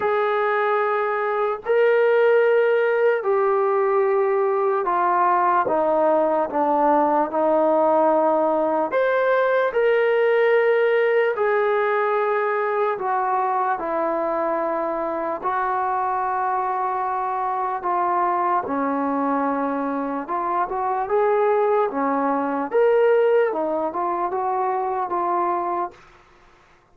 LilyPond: \new Staff \with { instrumentName = "trombone" } { \time 4/4 \tempo 4 = 74 gis'2 ais'2 | g'2 f'4 dis'4 | d'4 dis'2 c''4 | ais'2 gis'2 |
fis'4 e'2 fis'4~ | fis'2 f'4 cis'4~ | cis'4 f'8 fis'8 gis'4 cis'4 | ais'4 dis'8 f'8 fis'4 f'4 | }